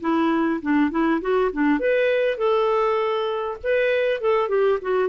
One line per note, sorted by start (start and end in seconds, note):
0.00 0.60 E4
0.62 0.90 D4
0.90 1.20 E4
1.21 1.51 F#4
1.52 1.79 D4
1.79 2.37 B4
2.37 3.57 A4
3.63 4.20 B4
4.20 4.48 A4
4.48 4.78 G4
4.81 5.09 F#4